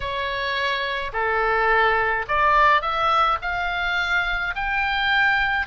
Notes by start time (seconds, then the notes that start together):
0.00 C#5
1.12 A4
2.27 D5
2.81 E5
3.41 F5
4.55 G5